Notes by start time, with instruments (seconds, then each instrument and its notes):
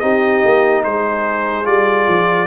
0.00 tuba C4, trombone D#4, horn G4, trumpet D#5
0.44 tuba A#3
0.84 tuba G#3, horn G#4, trumpet C5
1.64 tuba G3, trombone F4, trumpet D5
2.08 tuba F3